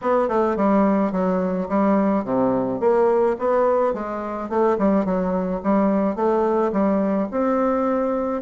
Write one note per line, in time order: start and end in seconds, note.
0.01 0.28 B3
0.28 0.56 A3
0.56 1.12 G3
1.12 1.68 F#3
1.68 2.24 G3
2.24 2.80 C3
2.80 3.36 A#3
3.38 3.93 B3
3.93 4.49 G#3
4.49 4.77 A3
4.78 5.05 G3
5.05 5.61 F#3
5.63 6.15 G3
6.15 6.71 A3
6.72 7.28 G3
7.31 8.42 C4